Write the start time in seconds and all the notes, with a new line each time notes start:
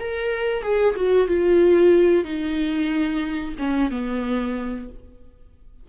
0.00 A#4
0.63 G#4
0.96 F#4
1.28 F4
2.25 D#4
3.59 C#4
3.91 B3